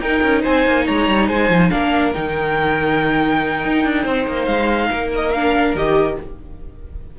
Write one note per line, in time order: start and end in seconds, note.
0.00 0.21 D#4
0.00 1.71 D#4
0.00 0.42 A#4
0.00 0.43 G5
0.23 0.45 C#4
0.42 0.67 C4
0.42 0.85 C5
0.42 0.88 G#5
0.67 0.88 A#3
0.86 1.09 G#3
0.86 1.28 C#5
0.86 1.29 A#5
1.09 1.29 G3
1.28 1.50 G#3
1.28 1.71 C5
1.28 1.71 G#5
1.50 1.71 F3
1.71 2.15 A#3
1.71 2.14 D4
1.71 4.03 A#4
1.71 2.13 F5
2.13 3.66 D#3
2.13 5.34 D#4
2.13 4.45 G5
3.66 3.85 D#4
3.85 4.06 D4
4.03 4.27 C4
4.03 4.88 C5
4.28 4.48 A#3
4.45 4.90 G#3
4.45 5.09 F5
4.91 5.75 A#3
4.91 6.18 A#4
5.16 5.33 D#5
5.33 5.77 D4
5.33 5.75 F5
5.75 6.18 D#3
5.75 6.20 G4
5.75 6.19 D#5